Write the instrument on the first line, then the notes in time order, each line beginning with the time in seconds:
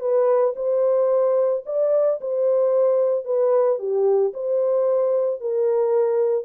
horn
0.00 B4
0.56 C5
1.66 D5
2.21 C5
3.25 B4
3.79 G4
4.34 C5
5.41 A#4